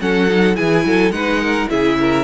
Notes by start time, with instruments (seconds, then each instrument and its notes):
0.00 cello F#3, viola C#4, violin A4 F#5
0.30 viola D#4
0.55 cello E3, viola E4, violin G#4 G#5
0.85 cello F#3, violin A4
1.11 cello G#3, viola D#4, violin B4 F#5
1.42 violin A#4
1.69 cello C#3, viola E4, violin G#4 E5
2.00 violin A#4